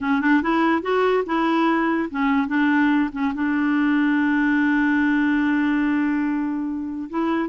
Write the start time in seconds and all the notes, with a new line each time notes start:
0.00 C#4
0.21 D4
0.42 E4
0.82 F#4
1.26 E4
2.10 C#4
2.47 D4
3.12 C#4
3.34 D4
7.09 E4